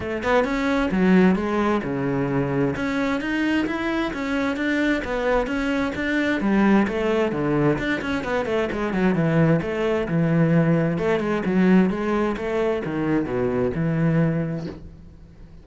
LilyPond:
\new Staff \with { instrumentName = "cello" } { \time 4/4 \tempo 4 = 131 a8 b8 cis'4 fis4 gis4 | cis2 cis'4 dis'4 | e'4 cis'4 d'4 b4 | cis'4 d'4 g4 a4 |
d4 d'8 cis'8 b8 a8 gis8 fis8 | e4 a4 e2 | a8 gis8 fis4 gis4 a4 | dis4 b,4 e2 | }